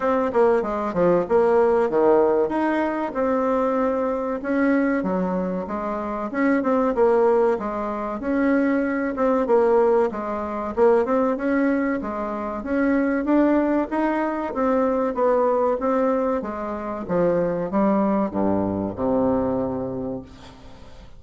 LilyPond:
\new Staff \with { instrumentName = "bassoon" } { \time 4/4 \tempo 4 = 95 c'8 ais8 gis8 f8 ais4 dis4 | dis'4 c'2 cis'4 | fis4 gis4 cis'8 c'8 ais4 | gis4 cis'4. c'8 ais4 |
gis4 ais8 c'8 cis'4 gis4 | cis'4 d'4 dis'4 c'4 | b4 c'4 gis4 f4 | g4 g,4 c2 | }